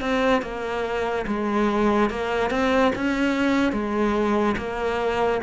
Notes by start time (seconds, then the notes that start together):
0.00 C4
0.42 A#3
1.27 G#3
2.10 A#3
2.50 C4
2.95 C#4
3.72 G#3
4.57 A#3